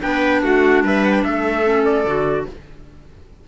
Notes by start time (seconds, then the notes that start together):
0.00 B3 D4 B4 G5
0.43 A3 F#4 F#5
0.83 G3 B4 E5
1.04 F#5
1.12 G5
1.24 A3 A4 E5
1.64 C#4
1.85 D5
2.05 D3 F#4